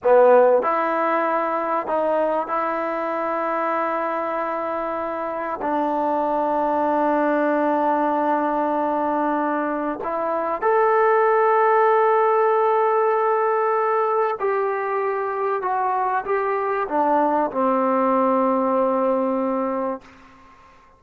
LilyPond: \new Staff \with { instrumentName = "trombone" } { \time 4/4 \tempo 4 = 96 b4 e'2 dis'4 | e'1~ | e'4 d'2.~ | d'1 |
e'4 a'2.~ | a'2. g'4~ | g'4 fis'4 g'4 d'4 | c'1 | }